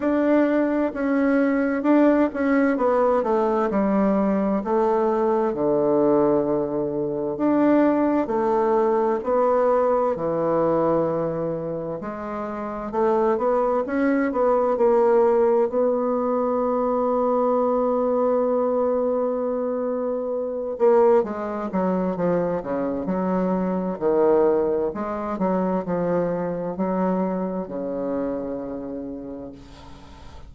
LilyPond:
\new Staff \with { instrumentName = "bassoon" } { \time 4/4 \tempo 4 = 65 d'4 cis'4 d'8 cis'8 b8 a8 | g4 a4 d2 | d'4 a4 b4 e4~ | e4 gis4 a8 b8 cis'8 b8 |
ais4 b2.~ | b2~ b8 ais8 gis8 fis8 | f8 cis8 fis4 dis4 gis8 fis8 | f4 fis4 cis2 | }